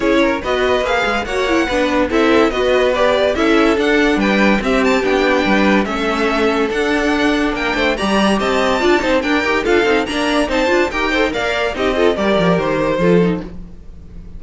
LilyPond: <<
  \new Staff \with { instrumentName = "violin" } { \time 4/4 \tempo 4 = 143 cis''4 dis''4 f''4 fis''4~ | fis''4 e''4 dis''4 d''4 | e''4 fis''4 g''4 e''8 a''8 | g''2 e''2 |
fis''2 g''4 ais''4 | a''2 g''4 f''4 | ais''4 a''4 g''4 f''4 | dis''4 d''4 c''2 | }
  \new Staff \with { instrumentName = "violin" } { \time 4/4 gis'8 ais'8 b'2 cis''4 | b'4 a'4 b'2 | a'2 b'4 g'4~ | g'4 b'4 a'2~ |
a'2 ais'8 c''8 d''4 | dis''4 d''8 c''8 ais'4 a'4 | d''4 c''4 ais'8 c''8 d''4 | g'8 a'8 ais'2 a'4 | }
  \new Staff \with { instrumentName = "viola" } { \time 4/4 e'4 fis'4 gis'4 fis'8 e'8 | d'4 e'4 fis'4 g'4 | e'4 d'2 c'4 | d'2 cis'2 |
d'2. g'4~ | g'4 f'8 dis'8 d'8 g'8 f'8 dis'8 | d'4 dis'8 f'8 g'8 a'8 ais'4 | dis'8 f'8 g'2 f'8 dis'8 | }
  \new Staff \with { instrumentName = "cello" } { \time 4/4 cis'4 b4 ais8 gis8 ais4 | b4 c'4 b2 | cis'4 d'4 g4 c'4 | b4 g4 a2 |
d'2 ais8 a8 g4 | c'4 d'8 c'8 d'8 dis'8 d'8 c'8 | ais4 c'8 d'8 dis'4 ais4 | c'4 g8 f8 dis4 f4 | }
>>